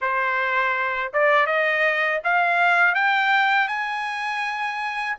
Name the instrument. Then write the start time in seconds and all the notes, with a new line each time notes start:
trumpet
0.01 C5
1.13 D5
1.46 D#5
2.24 F5
2.95 G5
3.67 G#5